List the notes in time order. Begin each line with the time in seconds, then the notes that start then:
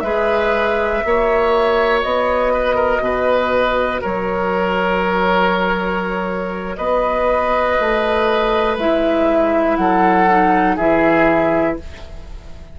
0.00 G#3 G#4 B4 E5
1.02 A#3 F#4 C#5
2.02 B3 D#5
2.53 B4
2.75 A#4
3.00 B2 B4
4.01 F#3 A#4 C#5
6.76 B3 B4 D#5
7.79 A3
8.77 G#3 E4 E5
9.76 F#3 A4 F#5
10.29 D#4
10.76 E3 E4 G#4 E5